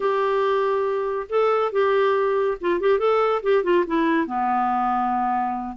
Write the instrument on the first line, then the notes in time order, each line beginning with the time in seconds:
clarinet
0.00 G4
1.29 A4
1.72 G4
2.60 F4
2.80 G4
2.99 A4
3.42 G4
3.63 F4
3.86 E4
4.26 B3